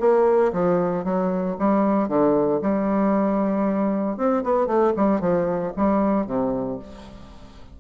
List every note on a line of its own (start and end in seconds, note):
0.00 0.52 A#3
0.53 1.04 F3
1.04 1.57 F#3
1.59 2.08 G3
2.08 2.61 D3
2.62 4.17 G3
4.17 4.43 C4
4.43 4.67 B3
4.67 4.93 A3
4.97 5.20 G3
5.20 5.72 F3
5.76 6.27 G3
6.27 6.79 C3